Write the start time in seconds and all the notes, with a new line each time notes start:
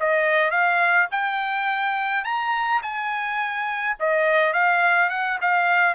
0.00 D#5
0.51 F5
1.11 G5
2.25 A#5
2.83 G#5
4.00 D#5
4.53 F5
5.10 F#5
5.41 F5